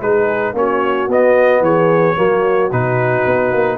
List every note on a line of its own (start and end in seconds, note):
0.00 0.53 G#3
0.00 0.55 D#4
0.00 0.55 G#4
0.00 0.55 B4
0.53 1.07 A#3
0.53 1.09 C#4
0.53 1.62 F#4
0.53 1.10 C#5
1.07 1.60 B3
1.07 2.16 B3
1.07 1.64 D#5
1.60 2.15 E3
1.60 2.16 G#4
1.60 2.71 C#5
2.16 2.72 F#3
2.16 2.70 A#3
2.16 3.78 F#4
2.71 3.26 B2
2.71 3.78 D#4
2.71 3.78 B4
3.26 3.52 B3
3.52 3.78 A#3